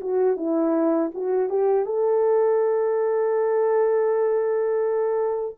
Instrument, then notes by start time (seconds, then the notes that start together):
horn
0.00 F#4
0.36 E4
1.14 F#4
1.49 G4
1.85 A4